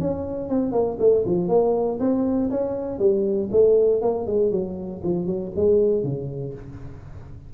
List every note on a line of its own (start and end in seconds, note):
0.00 0.49 C#4
0.49 0.72 C4
0.72 0.98 A#3
0.99 1.25 A3
1.26 1.49 F3
1.49 1.99 A#3
2.00 2.50 C4
2.51 2.99 C#4
2.99 3.49 G3
3.52 4.02 A3
4.02 4.27 A#3
4.27 4.51 G#3
4.51 5.02 F#3
5.04 5.27 F3
5.27 5.52 F#3
5.56 6.03 G#3
6.03 6.54 C#3